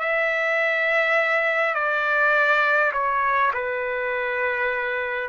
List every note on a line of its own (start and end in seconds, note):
0.00 1.75 E5
1.75 2.93 D5
2.93 3.52 C#5
3.54 5.29 B4